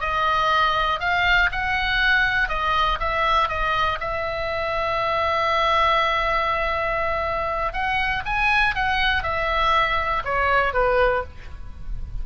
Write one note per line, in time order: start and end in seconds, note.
0.00 0.99 D#5
0.99 1.49 F5
1.51 2.48 F#5
2.48 2.98 D#5
2.99 3.48 E5
3.48 3.98 D#5
4.00 7.72 E5
7.72 8.22 F#5
8.25 8.75 G#5
8.75 9.22 F#5
9.22 10.22 E5
10.24 10.73 C#5
10.73 11.23 B4